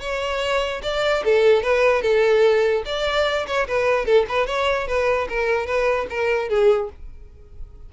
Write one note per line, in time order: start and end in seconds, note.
0.00 0.81 C#5
0.82 1.23 D5
1.24 1.62 A4
1.62 2.02 B4
2.02 2.83 A4
2.85 3.46 D5
3.46 3.67 C#5
3.67 4.05 B4
4.05 4.25 A4
4.28 4.46 B4
4.46 4.87 C#5
4.87 5.28 B4
5.29 5.66 A#4
5.66 6.06 B4
6.09 6.48 A#4
6.48 6.89 G#4